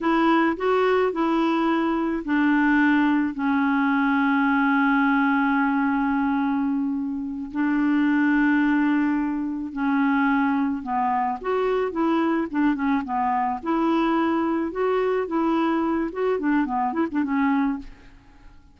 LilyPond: \new Staff \with { instrumentName = "clarinet" } { \time 4/4 \tempo 4 = 108 e'4 fis'4 e'2 | d'2 cis'2~ | cis'1~ | cis'4. d'2~ d'8~ |
d'4. cis'2 b8~ | b8 fis'4 e'4 d'8 cis'8 b8~ | b8 e'2 fis'4 e'8~ | e'4 fis'8 d'8 b8 e'16 d'16 cis'4 | }